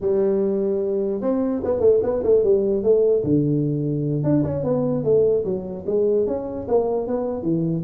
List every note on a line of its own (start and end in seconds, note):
0.01 1.21 G3
1.21 1.61 C4
1.63 1.80 B3
1.80 2.00 A3
2.02 2.22 B3
2.23 2.43 A3
2.43 2.83 G3
2.83 3.23 A3
3.23 4.23 D3
4.23 4.43 D4
4.43 4.63 C#4
4.63 5.03 B3
5.03 5.44 A3
5.44 5.84 F#3
5.86 6.26 G#3
6.26 6.67 C#4
6.68 7.07 A#3
7.07 7.42 B3
7.42 7.82 E3